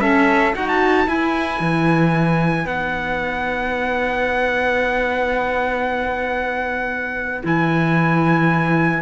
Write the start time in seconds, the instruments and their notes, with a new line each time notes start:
0.00 clarinet C#4, cello C#4, flute A4, trumpet E5
0.54 cello D#4, clarinet F#4, flute F#4, trumpet F#5
0.68 trumpet A5
1.06 cello E4, clarinet E4, flute B4, trumpet G#5
1.60 cello E3
2.65 cello B3, clarinet D#4, trumpet F#5
7.43 cello E3, clarinet E4, trumpet G#5